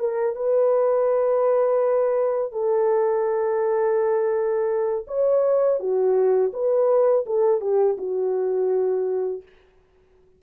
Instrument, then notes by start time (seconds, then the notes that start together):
horn
0.00 A#4
0.36 B4
2.52 A4
5.07 C#5
5.80 F#4
6.53 B4
7.26 A4
7.61 G4
7.98 F#4